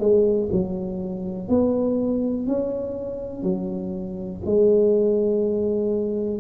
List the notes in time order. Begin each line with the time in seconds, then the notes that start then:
0.00 G#3
0.52 F#3
1.48 B3
2.47 C#4
3.43 F#3
4.46 G#3